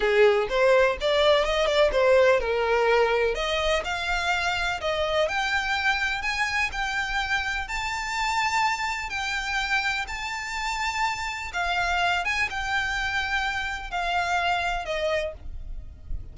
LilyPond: \new Staff \with { instrumentName = "violin" } { \time 4/4 \tempo 4 = 125 gis'4 c''4 d''4 dis''8 d''8 | c''4 ais'2 dis''4 | f''2 dis''4 g''4~ | g''4 gis''4 g''2 |
a''2. g''4~ | g''4 a''2. | f''4. gis''8 g''2~ | g''4 f''2 dis''4 | }